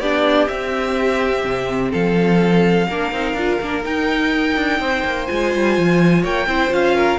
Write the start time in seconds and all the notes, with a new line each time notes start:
0.00 B3 D4 G4 D5
0.48 C4 E5
1.45 C3
1.92 F3 A4 F5
2.88 A#3 D4 A#4
3.12 C4 D#4
3.34 D4 F4
3.61 A#3 D4
3.83 D#4 G5
4.57 D4
4.80 C4 C5
5.05 A#3
5.27 G#3 F4 G#5
5.55 G3
5.78 F3
6.22 A#3 C#5 G5
6.47 C4 E4 C5
6.70 C#4 F4 F5
6.96 A#4